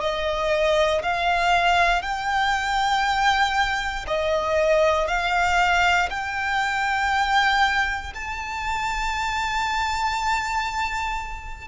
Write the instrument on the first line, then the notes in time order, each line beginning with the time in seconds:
violin
0.00 D#5
1.02 F5
2.02 G5
4.07 D#5
5.07 F5
6.10 G5
8.14 A5